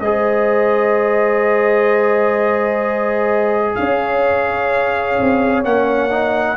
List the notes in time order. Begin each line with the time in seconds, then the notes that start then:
0.00 G#3 G#4 C5 D#5
3.75 C#4 C#5 F5
5.20 C4
5.64 A#3 C#4 F#5
6.10 D#4